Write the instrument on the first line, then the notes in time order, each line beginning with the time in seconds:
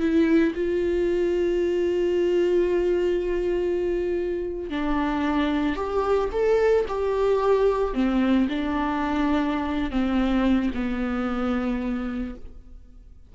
viola
0.00 E4
0.55 F4
4.70 D4
5.76 G4
6.32 A4
6.88 G4
7.94 C4
8.49 D4
9.91 C4
10.74 B3